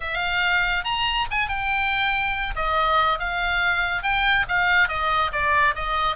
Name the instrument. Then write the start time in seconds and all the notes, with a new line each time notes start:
oboe
0.00 F5
0.84 A#5
1.31 G#5
1.48 G5
2.55 D#5
3.19 F5
4.03 G5
4.48 F5
4.88 D#5
5.32 D5
5.75 D#5